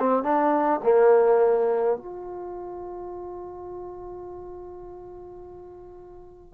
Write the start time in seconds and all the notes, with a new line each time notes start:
0.00 C4
0.23 D4
0.83 A#3
1.97 F4